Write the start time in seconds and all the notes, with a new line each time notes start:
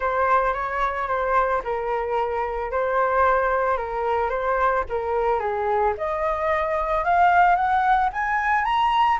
0.00 C5
0.53 C#5
1.08 C5
1.63 A#4
2.71 C5
3.77 A#4
4.29 C5
4.89 A#4
5.39 G#4
5.97 D#5
7.04 F5
7.55 F#5
8.12 G#5
8.64 A#5